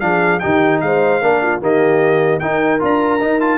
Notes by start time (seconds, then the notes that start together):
0.00 F3 D4 G#4 F5
0.40 D#3 D#4 G4 G5
0.81 G#3 C5 F5
1.21 A#3 D4 A#4
1.42 F4
1.61 D#3 A#3 G4 D#5
2.40 D#4 A#4 G5
2.79 D4 F4 A#5
3.21 D#4
3.40 F4 A5